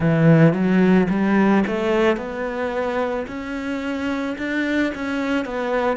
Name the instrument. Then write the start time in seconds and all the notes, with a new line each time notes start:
cello
0.00 E3
0.53 F#3
1.09 G3
1.67 A3
2.17 B3
3.27 C#4
4.38 D4
4.94 C#4
5.45 B3